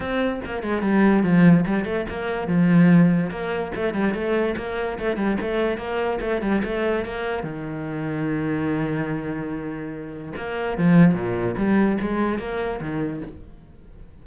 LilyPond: \new Staff \with { instrumentName = "cello" } { \time 4/4 \tempo 4 = 145 c'4 ais8 gis8 g4 f4 | g8 a8 ais4 f2 | ais4 a8 g8 a4 ais4 | a8 g8 a4 ais4 a8 g8 |
a4 ais4 dis2~ | dis1~ | dis4 ais4 f4 ais,4 | g4 gis4 ais4 dis4 | }